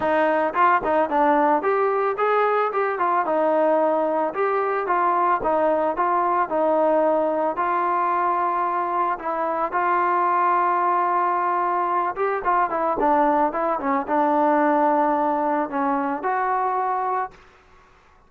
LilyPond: \new Staff \with { instrumentName = "trombone" } { \time 4/4 \tempo 4 = 111 dis'4 f'8 dis'8 d'4 g'4 | gis'4 g'8 f'8 dis'2 | g'4 f'4 dis'4 f'4 | dis'2 f'2~ |
f'4 e'4 f'2~ | f'2~ f'8 g'8 f'8 e'8 | d'4 e'8 cis'8 d'2~ | d'4 cis'4 fis'2 | }